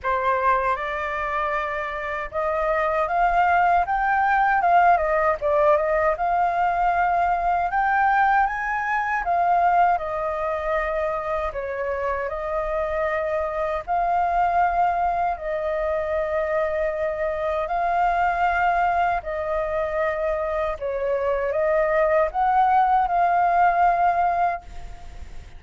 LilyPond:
\new Staff \with { instrumentName = "flute" } { \time 4/4 \tempo 4 = 78 c''4 d''2 dis''4 | f''4 g''4 f''8 dis''8 d''8 dis''8 | f''2 g''4 gis''4 | f''4 dis''2 cis''4 |
dis''2 f''2 | dis''2. f''4~ | f''4 dis''2 cis''4 | dis''4 fis''4 f''2 | }